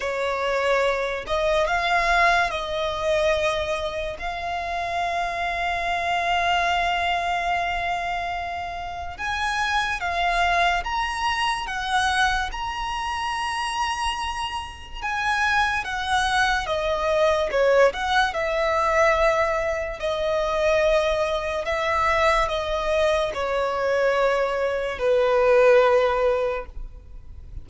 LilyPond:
\new Staff \with { instrumentName = "violin" } { \time 4/4 \tempo 4 = 72 cis''4. dis''8 f''4 dis''4~ | dis''4 f''2.~ | f''2. gis''4 | f''4 ais''4 fis''4 ais''4~ |
ais''2 gis''4 fis''4 | dis''4 cis''8 fis''8 e''2 | dis''2 e''4 dis''4 | cis''2 b'2 | }